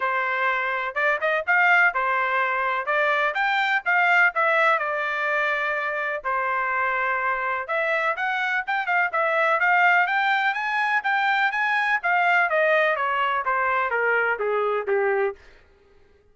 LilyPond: \new Staff \with { instrumentName = "trumpet" } { \time 4/4 \tempo 4 = 125 c''2 d''8 dis''8 f''4 | c''2 d''4 g''4 | f''4 e''4 d''2~ | d''4 c''2. |
e''4 fis''4 g''8 f''8 e''4 | f''4 g''4 gis''4 g''4 | gis''4 f''4 dis''4 cis''4 | c''4 ais'4 gis'4 g'4 | }